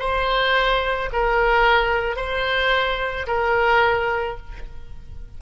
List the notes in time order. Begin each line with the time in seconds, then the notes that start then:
0.00 C5
1.13 A#4
2.17 C5
3.28 A#4